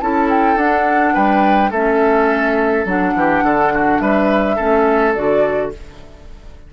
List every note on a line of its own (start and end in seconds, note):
0.00 0.56 C#4
0.00 0.58 E4
0.00 1.14 A4
0.00 0.29 A5
0.30 0.57 G5
0.56 1.13 D4
0.56 1.72 D4
0.56 1.15 F#5
1.14 1.71 G3
1.14 1.70 B4
1.14 1.72 G5
1.70 2.85 A3
1.70 2.86 C#4
1.70 3.13 A4
1.70 2.87 E5
2.85 3.13 F#3
2.85 4.57 D4
2.85 3.99 F#5
3.15 3.42 E3
3.15 3.44 G4
3.42 4.00 D3
3.42 3.72 A4
3.74 4.01 F#4
3.99 4.57 G3
3.99 4.56 B4
3.99 5.13 E5
4.56 5.16 A3
4.56 5.14 C#4
4.56 5.70 A4
5.14 5.73 D3
5.14 5.72 F#4
5.14 5.72 D5